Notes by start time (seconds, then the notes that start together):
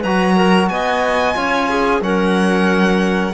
0.00 F#3 B4 A#5
0.06 F#4
0.35 A#4
0.68 B3 D#5 G#5
1.34 C#4 F4 C#5
1.69 G#4
2.01 F#3 C#4 A#4 F#5